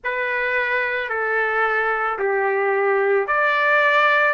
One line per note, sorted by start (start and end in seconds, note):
0.03 1.09 B4
1.09 2.18 A4
2.18 3.27 G4
3.27 4.33 D5